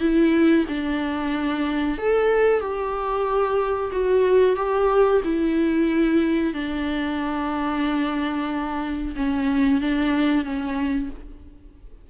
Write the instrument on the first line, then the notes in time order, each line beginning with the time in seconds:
viola
0.00 E4
0.69 D4
1.98 A4
2.61 G4
3.92 F#4
4.56 G4
5.24 E4
6.54 D4
9.16 C#4
9.81 D4
10.44 C#4